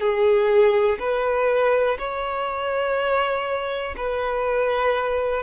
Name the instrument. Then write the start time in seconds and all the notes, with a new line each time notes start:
violin
0.00 G#4
0.99 B4
1.98 C#5
3.97 B4